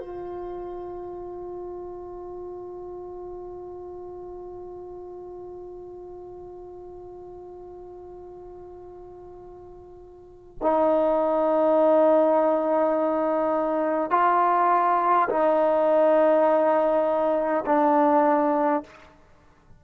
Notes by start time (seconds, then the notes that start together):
0.00 F4
10.62 D#4
14.11 F4
15.29 D#4
17.66 D4